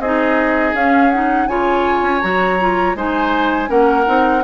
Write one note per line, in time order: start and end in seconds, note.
0.00 0.74 C4
0.00 0.76 D#4
0.00 1.49 G#4
0.00 0.75 D#5
0.74 1.48 C#4
0.74 1.13 C#4
0.74 1.11 F5
1.11 1.49 D#4
1.11 1.48 F#5
1.48 2.02 C#3
1.48 2.22 F4
1.48 2.97 C#5
1.48 2.22 G#5
2.02 2.21 C#4
2.22 2.95 F#3
2.22 2.59 F#4
2.22 2.96 A#5
2.60 2.97 F4
2.95 3.69 G#3
2.95 3.68 D#4
2.95 3.70 C5
2.95 3.71 G#5
3.68 4.07 A#3
3.68 4.05 C#4
3.68 4.44 A#4
3.68 4.44 F#5
4.06 4.44 C4
4.06 4.43 D#4